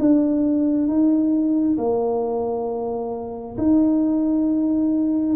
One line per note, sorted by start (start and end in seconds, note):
0.00 0.88 D4
0.88 1.77 D#4
1.78 3.57 A#3
3.58 5.36 D#4